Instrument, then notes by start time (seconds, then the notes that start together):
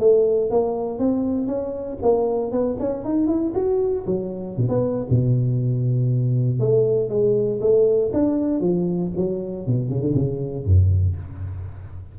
tuba
0.00 A3
0.51 A#3
0.99 C4
1.48 C#4
2.02 A#3
2.52 B3
2.80 C#4
3.05 D#4
3.28 E4
3.55 F#4
4.07 F#3
4.58 B2
4.69 B3
5.10 B2
6.60 A3
7.10 G#3
7.61 A3
8.14 D4
8.61 F3
9.17 F#3
9.67 B2
9.89 C#3
10.01 D3
10.15 C#3
10.66 F#2